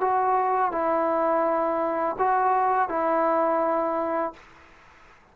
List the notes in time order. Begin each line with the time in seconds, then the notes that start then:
0.00 F#4
0.71 E4
2.18 F#4
2.88 E4